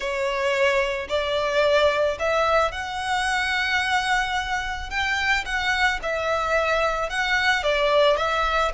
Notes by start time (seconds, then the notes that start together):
0.00 C#5
1.08 D5
2.19 E5
2.71 F#5
4.90 G5
5.45 F#5
6.02 E5
7.09 F#5
7.63 D5
8.17 E5